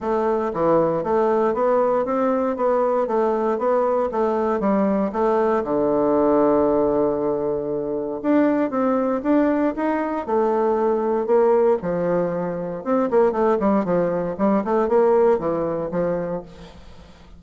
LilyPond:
\new Staff \with { instrumentName = "bassoon" } { \time 4/4 \tempo 4 = 117 a4 e4 a4 b4 | c'4 b4 a4 b4 | a4 g4 a4 d4~ | d1 |
d'4 c'4 d'4 dis'4 | a2 ais4 f4~ | f4 c'8 ais8 a8 g8 f4 | g8 a8 ais4 e4 f4 | }